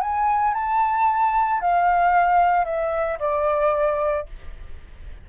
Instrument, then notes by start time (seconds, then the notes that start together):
flute
0.00 G#5
0.54 A5
1.60 F5
2.65 E5
3.19 D5